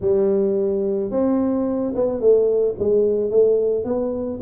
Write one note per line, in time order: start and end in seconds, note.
0.00 1.10 G3
1.10 1.93 C4
1.95 2.20 B3
2.20 2.75 A3
2.78 3.30 G#3
3.30 3.84 A3
3.84 4.39 B3